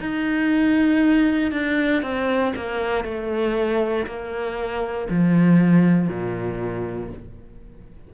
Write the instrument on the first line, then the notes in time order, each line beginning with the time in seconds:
cello
0.00 D#4
1.52 D4
2.02 C4
2.56 A#3
3.05 A3
4.06 A#3
5.09 F3
6.08 A#2